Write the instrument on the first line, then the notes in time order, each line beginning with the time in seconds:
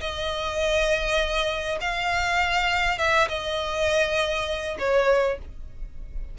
violin
0.00 D#5
1.80 F5
2.98 E5
3.28 D#5
4.79 C#5